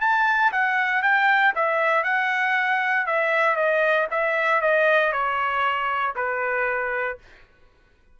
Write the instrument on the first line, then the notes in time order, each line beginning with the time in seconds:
trumpet
0.00 A5
0.52 F#5
1.02 G5
1.55 E5
2.03 F#5
3.06 E5
3.56 D#5
4.11 E5
4.61 D#5
5.12 C#5
6.15 B4